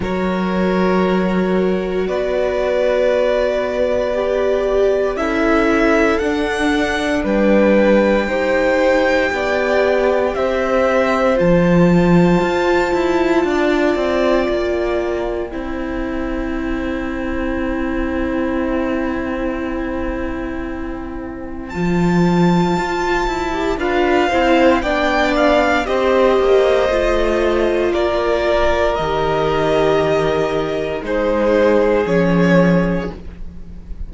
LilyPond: <<
  \new Staff \with { instrumentName = "violin" } { \time 4/4 \tempo 4 = 58 cis''2 d''2~ | d''4 e''4 fis''4 g''4~ | g''2 e''4 a''4~ | a''2 g''2~ |
g''1~ | g''4 a''2 f''4 | g''8 f''8 dis''2 d''4 | dis''2 c''4 cis''4 | }
  \new Staff \with { instrumentName = "violin" } { \time 4/4 ais'2 b'2~ | b'4 a'2 b'4 | c''4 d''4 c''2~ | c''4 d''2 c''4~ |
c''1~ | c''2. b'8 c''8 | d''4 c''2 ais'4~ | ais'2 gis'2 | }
  \new Staff \with { instrumentName = "viola" } { \time 4/4 fis'1 | g'4 e'4 d'2 | g'2. f'4~ | f'2. e'4~ |
e'1~ | e'4 f'4.~ f'16 g'16 f'8 e'8 | d'4 g'4 f'2 | g'2 dis'4 cis'4 | }
  \new Staff \with { instrumentName = "cello" } { \time 4/4 fis2 b2~ | b4 cis'4 d'4 g4 | dis'4 b4 c'4 f4 | f'8 e'8 d'8 c'8 ais4 c'4~ |
c'1~ | c'4 f4 f'8 e'8 d'8 c'8 | b4 c'8 ais8 a4 ais4 | dis2 gis4 f4 | }
>>